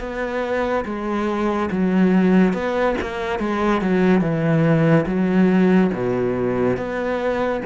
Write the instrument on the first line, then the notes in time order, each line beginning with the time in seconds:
cello
0.00 B3
0.85 G#3
1.71 F#3
2.53 B3
3.02 A#3
3.40 G#3
3.81 F#3
4.21 E3
5.06 F#3
5.93 B2
6.77 B3